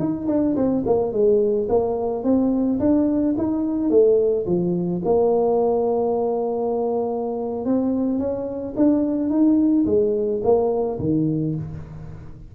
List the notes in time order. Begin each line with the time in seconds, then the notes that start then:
0.00 D#4
0.28 D4
0.56 C4
0.86 A#3
1.13 G#3
1.69 A#3
2.24 C4
2.80 D4
3.38 D#4
3.90 A3
4.46 F3
5.05 A#3
7.66 C4
8.19 C#4
8.77 D4
9.30 D#4
9.86 G#3
10.43 A#3
11.00 D#3